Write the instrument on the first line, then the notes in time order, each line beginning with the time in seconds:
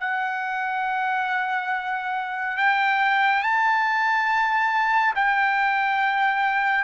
trumpet
0.00 F#5
2.57 G5
3.42 A5
5.15 G5